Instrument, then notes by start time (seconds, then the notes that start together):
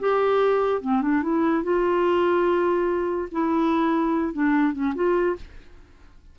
clarinet
0.00 G4
0.81 C4
1.02 D4
1.23 E4
1.63 F4
3.32 E4
4.34 D4
4.73 C#4
4.95 F4